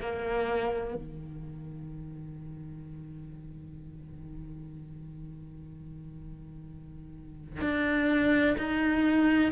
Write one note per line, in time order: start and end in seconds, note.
0.00 0.94 A#3
0.94 7.61 D#3
7.61 8.56 D4
8.58 9.52 D#4